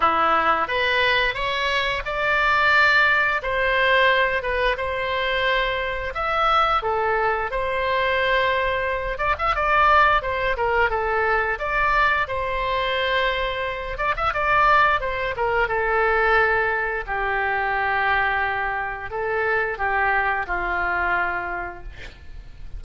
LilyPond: \new Staff \with { instrumentName = "oboe" } { \time 4/4 \tempo 4 = 88 e'4 b'4 cis''4 d''4~ | d''4 c''4. b'8 c''4~ | c''4 e''4 a'4 c''4~ | c''4. d''16 e''16 d''4 c''8 ais'8 |
a'4 d''4 c''2~ | c''8 d''16 e''16 d''4 c''8 ais'8 a'4~ | a'4 g'2. | a'4 g'4 f'2 | }